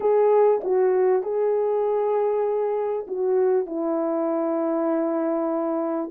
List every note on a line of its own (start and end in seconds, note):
0.00 0.61 G#4
0.63 1.22 F#4
1.22 3.06 G#4
3.07 3.66 F#4
3.66 6.11 E4